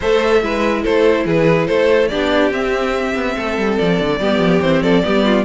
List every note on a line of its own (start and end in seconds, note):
0.00 0.42 A3
0.00 0.42 A4
0.00 0.41 C5
0.00 0.84 E5
0.42 0.84 G#3
0.42 2.10 E4
0.42 0.82 B4
0.82 1.25 A3
0.82 1.24 A4
0.82 1.26 C5
1.25 1.67 E3
1.25 1.67 G#4
1.25 1.67 B4
1.67 2.12 A3
1.67 2.09 A4
1.67 2.08 C5
2.08 2.51 B3
2.08 2.52 D4
2.08 3.35 G4
2.08 2.50 D5
2.51 3.13 C4
2.51 4.20 C4
2.51 3.78 E5
3.15 3.35 B3
3.35 3.57 A3
3.35 4.19 A4
3.57 3.78 G3
3.78 4.00 F3
3.78 4.61 D5
4.00 4.20 D3
4.20 4.38 G3
4.20 4.62 B3
4.20 4.82 G4
4.38 4.59 F3
4.61 4.82 E3
4.61 5.03 C4
4.61 4.82 C5
4.82 5.03 F3
4.82 5.03 A4
4.82 5.44 D5
5.03 5.44 G3
5.03 5.44 B3
5.03 5.25 G4
5.25 5.44 F4